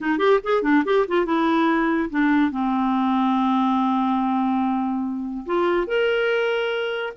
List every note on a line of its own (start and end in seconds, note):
0.00 0.18 D#4
0.18 0.39 G4
0.43 0.62 G#4
0.62 0.83 D4
0.84 1.05 G4
1.08 1.25 F4
1.25 2.09 E4
2.10 2.51 D4
2.51 5.44 C4
5.45 5.87 F4
5.87 7.13 A#4